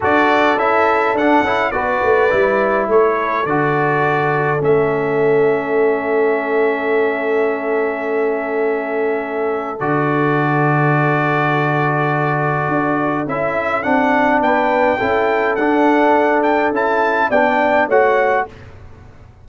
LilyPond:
<<
  \new Staff \with { instrumentName = "trumpet" } { \time 4/4 \tempo 4 = 104 d''4 e''4 fis''4 d''4~ | d''4 cis''4 d''2 | e''1~ | e''1~ |
e''4 d''2.~ | d''2. e''4 | fis''4 g''2 fis''4~ | fis''8 g''8 a''4 g''4 fis''4 | }
  \new Staff \with { instrumentName = "horn" } { \time 4/4 a'2. b'4~ | b'4 a'2.~ | a'1~ | a'1~ |
a'1~ | a'1~ | a'4 b'4 a'2~ | a'2 d''4 cis''4 | }
  \new Staff \with { instrumentName = "trombone" } { \time 4/4 fis'4 e'4 d'8 e'8 fis'4 | e'2 fis'2 | cis'1~ | cis'1~ |
cis'4 fis'2.~ | fis'2. e'4 | d'2 e'4 d'4~ | d'4 e'4 d'4 fis'4 | }
  \new Staff \with { instrumentName = "tuba" } { \time 4/4 d'4 cis'4 d'8 cis'8 b8 a8 | g4 a4 d2 | a1~ | a1~ |
a4 d2.~ | d2 d'4 cis'4 | c'4 b4 cis'4 d'4~ | d'4 cis'4 b4 a4 | }
>>